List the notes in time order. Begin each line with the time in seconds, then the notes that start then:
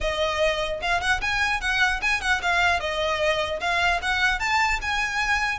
0.01 D#5
0.81 F5
1.00 F#5
1.21 G#5
1.60 F#5
2.01 G#5
2.21 F#5
2.41 F5
2.79 D#5
3.60 F5
4.01 F#5
4.39 A5
4.81 G#5